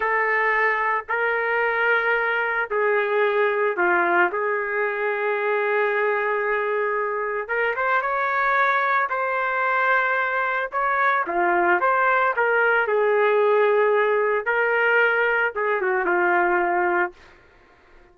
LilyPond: \new Staff \with { instrumentName = "trumpet" } { \time 4/4 \tempo 4 = 112 a'2 ais'2~ | ais'4 gis'2 f'4 | gis'1~ | gis'2 ais'8 c''8 cis''4~ |
cis''4 c''2. | cis''4 f'4 c''4 ais'4 | gis'2. ais'4~ | ais'4 gis'8 fis'8 f'2 | }